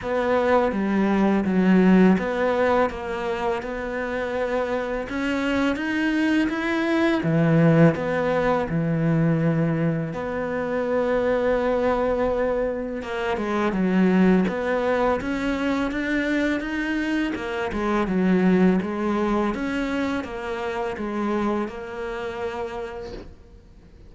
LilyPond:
\new Staff \with { instrumentName = "cello" } { \time 4/4 \tempo 4 = 83 b4 g4 fis4 b4 | ais4 b2 cis'4 | dis'4 e'4 e4 b4 | e2 b2~ |
b2 ais8 gis8 fis4 | b4 cis'4 d'4 dis'4 | ais8 gis8 fis4 gis4 cis'4 | ais4 gis4 ais2 | }